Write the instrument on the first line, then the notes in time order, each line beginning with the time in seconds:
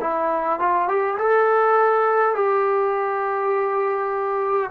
trombone
0.00 E4
0.59 F4
0.88 G4
1.18 A4
2.35 G4